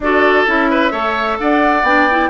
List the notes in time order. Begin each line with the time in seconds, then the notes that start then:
0.00 D4 F#4 A4 D5
0.46 C#4 E4 E5
0.70 B4
0.90 A3 A4 C#5
1.39 D4 D5 F#5
1.82 B3 D4 G5
2.10 E4